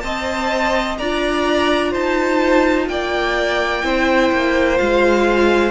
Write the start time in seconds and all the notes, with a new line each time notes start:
0.00 C4 C5 D#5 A5
0.98 D4 F4 D5 A#5
1.91 D#4 C5 A5
2.88 A#3 D5 G5
3.83 C4 E4 C5
4.32 A#3
4.77 G#3 F4 F5